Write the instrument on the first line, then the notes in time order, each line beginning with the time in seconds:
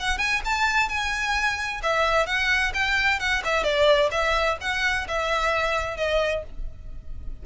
violin
0.00 F#5
0.18 G#5
0.45 A5
0.89 G#5
1.83 E5
2.27 F#5
2.74 G5
3.20 F#5
3.45 E5
3.64 D5
4.12 E5
4.61 F#5
5.08 E5
5.97 D#5